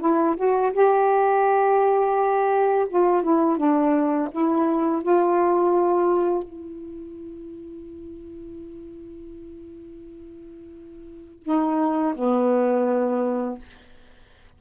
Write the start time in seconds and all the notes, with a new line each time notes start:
0.00 E4
0.37 F#4
0.73 G4
2.89 F4
3.23 E4
3.57 D4
4.31 E4
5.02 F4
6.44 E4
11.43 D#4
12.15 B3